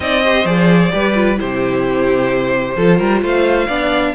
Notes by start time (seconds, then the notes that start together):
0.00 C4 D#4 D5 D#5
0.22 G4 C5
0.44 F3 G#4 D5
0.90 G3 G4 B4
1.14 F4
1.35 C3 E4 G4 C5
2.76 F3 F4 A4
2.97 G3 A#4
3.21 A3 C5 F5
3.67 B3 D4 D5